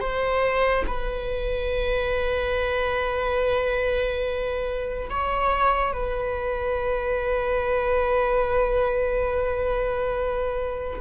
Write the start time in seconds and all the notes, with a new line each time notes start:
0.00 C5
0.87 B4
5.10 C#5
5.93 B4